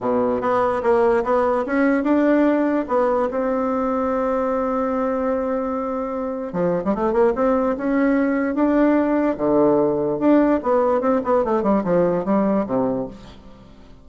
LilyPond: \new Staff \with { instrumentName = "bassoon" } { \time 4/4 \tempo 4 = 147 b,4 b4 ais4 b4 | cis'4 d'2 b4 | c'1~ | c'1 |
f8. g16 a8 ais8 c'4 cis'4~ | cis'4 d'2 d4~ | d4 d'4 b4 c'8 b8 | a8 g8 f4 g4 c4 | }